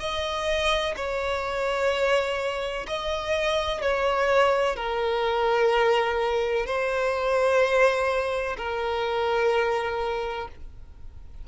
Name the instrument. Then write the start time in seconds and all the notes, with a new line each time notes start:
violin
0.00 D#5
0.97 C#5
2.87 D#5
3.82 C#5
4.77 A#4
6.67 C5
8.58 A#4